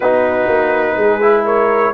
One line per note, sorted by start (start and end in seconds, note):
0.00 0.47 B3
0.00 1.21 D#4
0.00 0.95 F#4
0.00 1.44 B4
0.47 0.95 A#3
0.95 1.92 G#3
0.95 1.44 G#4
1.21 1.93 E4
1.44 1.93 A#4
1.44 1.93 C#5